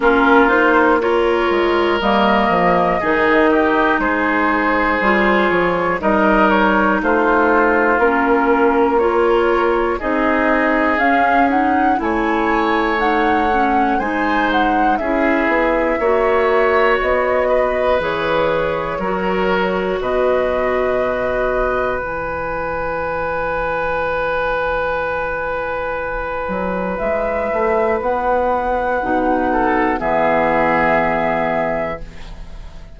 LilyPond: <<
  \new Staff \with { instrumentName = "flute" } { \time 4/4 \tempo 4 = 60 ais'8 c''8 cis''4 dis''2 | c''4. cis''8 dis''8 cis''8 c''4 | ais'4 cis''4 dis''4 f''8 fis''8 | gis''4 fis''4 gis''8 fis''8 e''4~ |
e''4 dis''4 cis''2 | dis''2 gis''2~ | gis''2. e''4 | fis''2 e''2 | }
  \new Staff \with { instrumentName = "oboe" } { \time 4/4 f'4 ais'2 gis'8 g'8 | gis'2 ais'4 f'4~ | f'4 ais'4 gis'2 | cis''2 c''4 gis'4 |
cis''4. b'4. ais'4 | b'1~ | b'1~ | b'4. a'8 gis'2 | }
  \new Staff \with { instrumentName = "clarinet" } { \time 4/4 cis'8 dis'8 f'4 ais4 dis'4~ | dis'4 f'4 dis'2 | cis'4 f'4 dis'4 cis'8 dis'8 | e'4 dis'8 cis'8 dis'4 e'4 |
fis'2 gis'4 fis'4~ | fis'2 e'2~ | e'1~ | e'4 dis'4 b2 | }
  \new Staff \with { instrumentName = "bassoon" } { \time 4/4 ais4. gis8 g8 f8 dis4 | gis4 g8 f8 g4 a4 | ais2 c'4 cis'4 | a2 gis4 cis'8 b8 |
ais4 b4 e4 fis4 | b,2 e2~ | e2~ e8 fis8 gis8 a8 | b4 b,4 e2 | }
>>